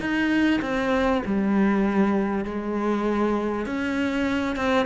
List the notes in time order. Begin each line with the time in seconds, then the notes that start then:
0.00 D#4
0.62 C4
1.26 G3
2.45 G#3
3.66 C#4
4.56 C4